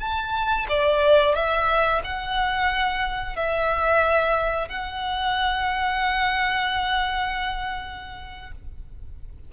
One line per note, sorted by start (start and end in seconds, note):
0.00 0.67 A5
0.69 1.35 D5
1.35 2.02 E5
2.04 3.36 F#5
3.36 4.69 E5
4.69 8.52 F#5